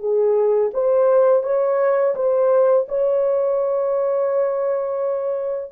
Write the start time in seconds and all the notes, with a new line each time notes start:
0.00 G#4
0.74 C5
1.43 C#5
2.15 C5
2.89 C#5